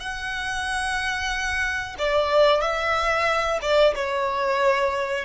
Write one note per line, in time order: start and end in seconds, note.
0.00 1.96 F#5
1.99 2.61 D5
2.61 3.59 E5
3.62 3.95 D5
3.95 5.25 C#5